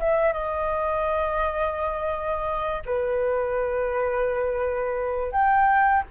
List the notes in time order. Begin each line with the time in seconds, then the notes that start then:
0.00 E5
0.33 D#5
2.86 B4
5.32 G5